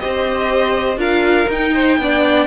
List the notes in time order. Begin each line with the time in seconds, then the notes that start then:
0.00 C4 G4 C5 D#5
0.98 D4 F4 A#4 F5
1.49 D#4 G5
1.75 C5
1.98 B3 D4 D5